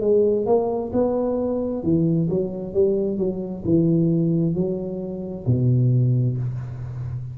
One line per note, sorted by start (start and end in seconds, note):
0.00 0.45 G#3
0.46 0.91 A#3
0.92 1.83 B3
1.83 2.28 E3
2.29 2.73 F#3
2.73 3.17 G3
3.17 3.63 F#3
3.64 4.55 E3
4.55 5.45 F#3
5.46 6.37 B2